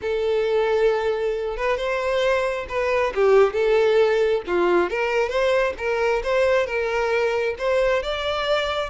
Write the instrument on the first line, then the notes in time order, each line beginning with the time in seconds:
violin
0.01 A4
1.56 B4
1.77 C5
2.68 B4
3.14 G4
3.53 A4
4.47 F4
4.89 A#4
5.29 C5
5.78 A#4
6.23 C5
6.66 A#4
7.58 C5
8.03 D5